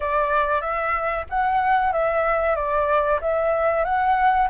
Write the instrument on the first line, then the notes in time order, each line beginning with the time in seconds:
flute
0.00 D5
0.61 E5
1.29 F#5
1.92 E5
2.55 D5
3.21 E5
3.84 F#5